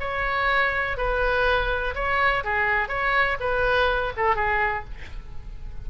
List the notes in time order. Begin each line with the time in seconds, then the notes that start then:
0.00 C#5
0.97 B4
1.95 C#5
2.44 G#4
2.88 C#5
3.40 B4
4.17 A4
4.35 G#4